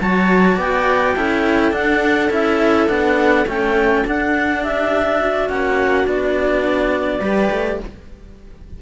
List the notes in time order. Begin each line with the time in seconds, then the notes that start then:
0.00 F#3 F#4 C#5 A5
0.57 B3 D5 G5
1.16 C#4 E4 A4
1.71 D4 F#5
2.30 C#4 E4 E5
2.87 B3 D4 F#5
3.45 A3 C#4 G5
4.05 D4 F#5
4.62 G4 E5
5.20 F#4
5.49 A#3 C#4 F#5
6.03 B3 D4 D5
7.20 G3 G4 B4
7.50 A3